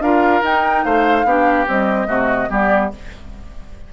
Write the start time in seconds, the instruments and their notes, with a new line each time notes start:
0.00 bassoon D4, clarinet F4, oboe A#4, flute F5
0.43 clarinet D#4, bassoon D#4, flute G5
0.84 bassoon A3, oboe C5, flute F5
1.25 bassoon B3, clarinet D4, oboe G4
1.67 clarinet G3, bassoon C4, flute D#5
2.07 bassoon C3, clarinet A3, oboe F#4
2.50 bassoon G3, clarinet B3, oboe G4, flute D5